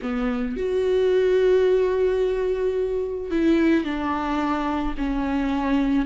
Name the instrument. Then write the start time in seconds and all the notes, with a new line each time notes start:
viola
0.02 B3
0.57 F#4
3.30 E4
3.84 D4
4.97 C#4